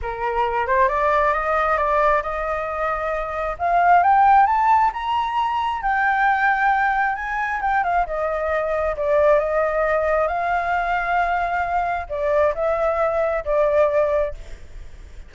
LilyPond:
\new Staff \with { instrumentName = "flute" } { \time 4/4 \tempo 4 = 134 ais'4. c''8 d''4 dis''4 | d''4 dis''2. | f''4 g''4 a''4 ais''4~ | ais''4 g''2. |
gis''4 g''8 f''8 dis''2 | d''4 dis''2 f''4~ | f''2. d''4 | e''2 d''2 | }